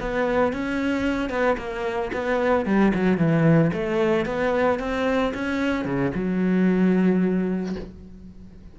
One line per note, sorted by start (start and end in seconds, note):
0.00 0.53 B3
0.53 1.29 C#4
1.29 1.56 B3
1.57 2.11 A#3
2.13 2.65 B3
2.65 2.92 G3
2.94 3.17 F#3
3.17 3.71 E3
3.73 4.25 A3
4.25 4.79 B3
4.79 5.33 C4
5.34 5.84 C#4
5.84 6.11 C#3
6.14 7.75 F#3